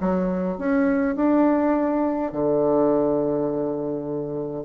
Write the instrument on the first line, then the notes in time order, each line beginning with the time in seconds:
bassoon
0.00 F#3
0.58 C#4
1.16 D4
2.32 D3